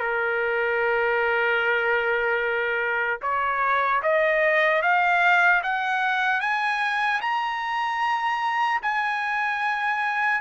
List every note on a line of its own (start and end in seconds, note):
0.00 3.20 A#4
3.22 4.02 C#5
4.03 4.82 D#5
4.82 5.62 F5
5.63 6.40 F#5
6.40 7.20 G#5
7.21 8.81 A#5
8.82 10.41 G#5